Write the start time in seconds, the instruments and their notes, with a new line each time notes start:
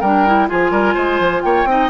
0.00 bassoon G3, clarinet D4, oboe A#4, flute G5
0.26 clarinet E4
0.48 bassoon F3, clarinet F4, oboe G#4, flute G#5
0.70 bassoon G3, oboe A#4
0.94 bassoon G#3, oboe C5
1.19 bassoon F3
1.42 bassoon A#3, oboe C#5, flute G5
1.65 bassoon C4, clarinet D#4, oboe D#5